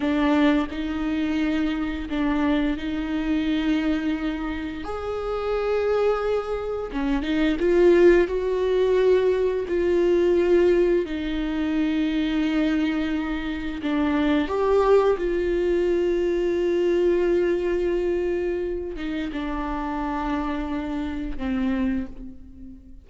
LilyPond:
\new Staff \with { instrumentName = "viola" } { \time 4/4 \tempo 4 = 87 d'4 dis'2 d'4 | dis'2. gis'4~ | gis'2 cis'8 dis'8 f'4 | fis'2 f'2 |
dis'1 | d'4 g'4 f'2~ | f'2.~ f'8 dis'8 | d'2. c'4 | }